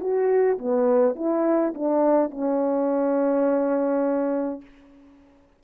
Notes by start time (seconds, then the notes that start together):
0.00 F#4
0.58 B3
1.15 E4
1.74 D4
2.31 C#4